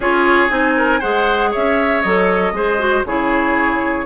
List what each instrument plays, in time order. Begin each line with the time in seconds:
0.00 bassoon C#4, clarinet F4, oboe G#4, flute C#5
0.49 bassoon C4, clarinet D#4, flute G#5
0.77 oboe A#4
0.99 bassoon G#3, clarinet G#4, oboe C5, flute F#5
1.50 bassoon C#4, oboe C#5, flute E5
2.01 bassoon F#3, clarinet A4, flute D#5
2.52 bassoon G#3, clarinet G#4, oboe C5
2.78 clarinet F#4
3.05 bassoon C#3, clarinet E4, oboe G#4, flute C#5